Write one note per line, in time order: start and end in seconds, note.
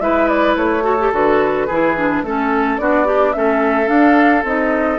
0.00 0.56 G#3
0.00 0.82 E4
0.00 0.84 B4
0.00 0.28 E5
0.28 0.56 D5
0.56 1.11 A3
0.56 1.12 C#5
0.82 0.96 F#4
0.82 1.67 A4
0.99 1.13 G4
1.12 1.68 D3
1.12 1.68 F#4
1.12 2.25 B4
1.67 2.23 E3
1.67 1.97 E4
1.67 2.23 G#4
1.97 2.25 D4
2.23 2.78 A3
2.23 2.80 C#4
2.23 2.78 A4
2.23 2.81 A4
2.78 3.35 B3
2.78 3.05 D4
2.78 3.07 F#4
2.78 3.33 D5
3.05 3.35 D4
3.05 3.33 G4
3.33 3.89 A3
3.33 3.86 C#4
3.33 4.99 A4
3.33 3.88 E5
3.86 4.41 D4
3.86 4.44 D4
3.86 4.43 F5
4.44 4.99 C4
4.44 4.99 D#4
4.44 4.99 D#5